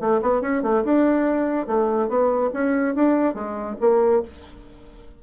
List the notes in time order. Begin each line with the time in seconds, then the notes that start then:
0.00 A3
0.22 B3
0.41 C#4
0.63 A3
0.84 D4
1.67 A3
2.08 B3
2.53 C#4
2.95 D4
3.34 G#3
3.80 A#3